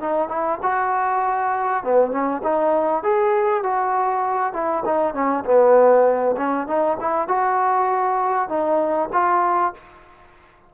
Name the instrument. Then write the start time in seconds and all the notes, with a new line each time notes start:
trombone
0.00 D#4
0.28 E4
0.62 F#4
1.83 B3
2.11 C#4
2.43 D#4
3.03 G#4
3.63 F#4
4.53 E4
4.85 D#4
5.13 C#4
5.44 B3
6.36 C#4
6.67 D#4
7.00 E4
7.28 F#4
8.48 D#4
9.12 F4